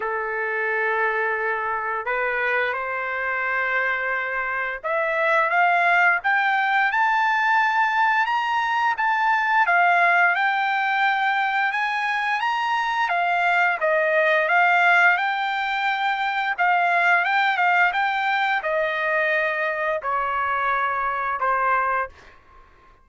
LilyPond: \new Staff \with { instrumentName = "trumpet" } { \time 4/4 \tempo 4 = 87 a'2. b'4 | c''2. e''4 | f''4 g''4 a''2 | ais''4 a''4 f''4 g''4~ |
g''4 gis''4 ais''4 f''4 | dis''4 f''4 g''2 | f''4 g''8 f''8 g''4 dis''4~ | dis''4 cis''2 c''4 | }